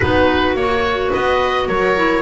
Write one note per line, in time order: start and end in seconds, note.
0.00 0.54 B3
0.00 0.56 D#4
0.00 1.09 F#4
0.00 0.56 B4
0.54 1.10 A#3
0.54 1.96 F#4
0.54 1.12 C#5
1.09 1.68 B3
1.09 1.65 B4
1.09 1.68 D#5
1.68 2.22 F#3
1.68 2.22 A#4
1.68 2.22 C#5
1.96 2.22 E4